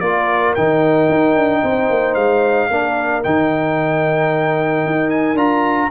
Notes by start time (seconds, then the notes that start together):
0.00 A#3 F4 A#4 D5
0.55 D#3 D#4 G5
1.09 D#4
1.35 D4
1.62 C4 C5
1.90 A#3
2.14 G#3 F5
2.70 A#3 D4 A#4
3.23 D#3 D#4 G5
4.86 D#4
5.10 G#5
5.34 D4 F4 A#5